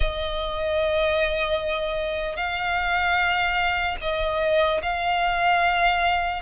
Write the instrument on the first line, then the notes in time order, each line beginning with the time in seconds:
violin
0.00 D#5
2.36 F5
4.01 D#5
4.82 F5